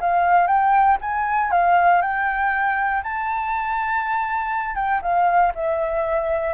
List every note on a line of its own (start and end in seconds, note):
0.00 0.47 F5
0.47 0.97 G5
1.01 1.51 G#5
1.51 2.01 F5
2.01 3.02 G5
3.03 4.75 A5
4.75 5.00 G5
5.02 5.52 F5
5.55 6.54 E5